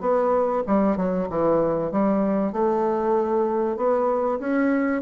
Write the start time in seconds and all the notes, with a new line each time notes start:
0.00 B3
0.66 G3
0.96 F#3
1.29 E3
1.91 G3
2.52 A3
3.76 B3
4.39 C#4